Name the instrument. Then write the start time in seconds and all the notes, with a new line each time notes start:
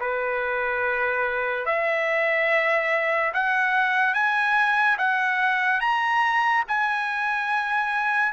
trumpet
0.00 B4
1.66 E5
3.34 F#5
4.14 G#5
4.98 F#5
5.80 A#5
6.68 G#5